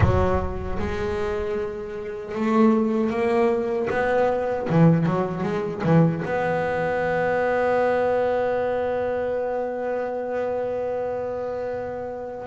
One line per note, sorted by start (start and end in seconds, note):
0.00 0.78 F#3
0.79 2.34 G#3
2.34 3.10 A3
3.10 3.87 A#3
3.90 4.68 B3
4.69 5.06 E3
5.06 5.43 F#3
5.43 5.82 G#3
5.83 6.22 E3
6.25 12.46 B3